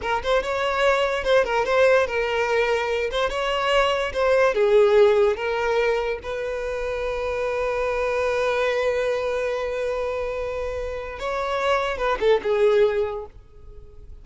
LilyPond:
\new Staff \with { instrumentName = "violin" } { \time 4/4 \tempo 4 = 145 ais'8 c''8 cis''2 c''8 ais'8 | c''4 ais'2~ ais'8 c''8 | cis''2 c''4 gis'4~ | gis'4 ais'2 b'4~ |
b'1~ | b'1~ | b'2. cis''4~ | cis''4 b'8 a'8 gis'2 | }